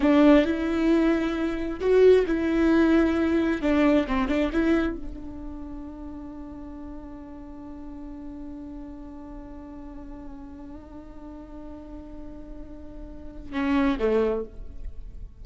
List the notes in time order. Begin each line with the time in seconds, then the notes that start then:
0.00 D4
0.44 E4
1.80 F#4
2.26 E4
3.61 D4
4.07 C4
4.28 D4
4.52 E4
4.96 D4
13.52 C#4
13.99 A3